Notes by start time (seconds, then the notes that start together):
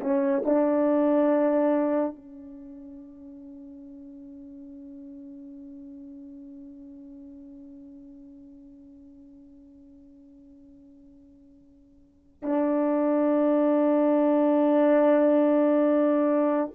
0.00 C#4
0.45 D4
2.15 C#4
12.42 D4